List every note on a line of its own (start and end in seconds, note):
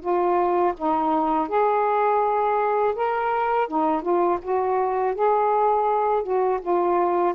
0.00 0.73 F4
0.77 1.48 D#4
1.48 2.94 G#4
2.95 3.68 A#4
3.68 4.02 D#4
4.02 4.38 F4
4.42 5.14 F#4
5.14 6.23 G#4
6.23 6.60 F#4
6.61 7.34 F4